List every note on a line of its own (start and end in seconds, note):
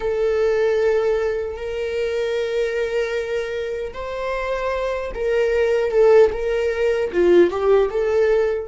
0.00 1.56 A4
1.56 3.93 A#4
3.93 5.11 C5
5.14 5.91 A#4
5.91 6.31 A4
6.32 7.11 A#4
7.12 7.50 F4
7.50 7.89 G4
7.90 8.68 A4